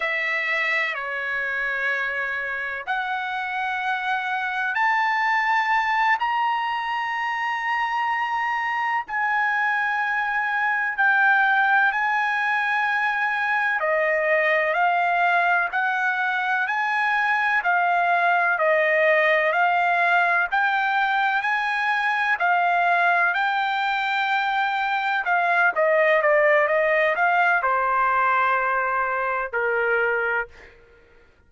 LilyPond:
\new Staff \with { instrumentName = "trumpet" } { \time 4/4 \tempo 4 = 63 e''4 cis''2 fis''4~ | fis''4 a''4. ais''4.~ | ais''4. gis''2 g''8~ | g''8 gis''2 dis''4 f''8~ |
f''8 fis''4 gis''4 f''4 dis''8~ | dis''8 f''4 g''4 gis''4 f''8~ | f''8 g''2 f''8 dis''8 d''8 | dis''8 f''8 c''2 ais'4 | }